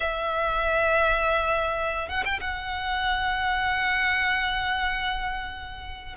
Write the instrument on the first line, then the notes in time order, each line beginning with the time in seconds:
violin
0.00 E5
2.08 F#5
2.25 G5
2.40 F#5